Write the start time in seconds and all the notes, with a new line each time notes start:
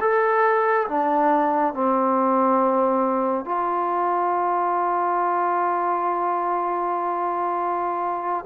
0.00 A4
0.87 D4
1.74 C4
3.45 F4